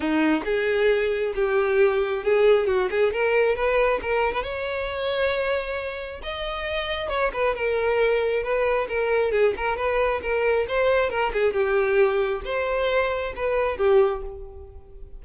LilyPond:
\new Staff \with { instrumentName = "violin" } { \time 4/4 \tempo 4 = 135 dis'4 gis'2 g'4~ | g'4 gis'4 fis'8 gis'8 ais'4 | b'4 ais'8. b'16 cis''2~ | cis''2 dis''2 |
cis''8 b'8 ais'2 b'4 | ais'4 gis'8 ais'8 b'4 ais'4 | c''4 ais'8 gis'8 g'2 | c''2 b'4 g'4 | }